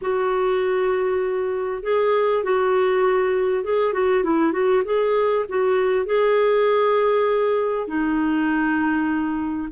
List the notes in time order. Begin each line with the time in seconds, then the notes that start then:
0.01 F#4
1.82 G#4
2.43 F#4
3.64 G#4
3.93 F#4
4.23 E4
4.52 F#4
4.85 G#4
5.48 F#4
6.05 G#4
7.87 D#4